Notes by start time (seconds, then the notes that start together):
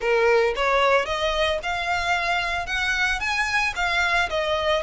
0.00 A#4
0.55 C#5
1.05 D#5
1.62 F5
2.66 F#5
3.20 G#5
3.75 F5
4.29 D#5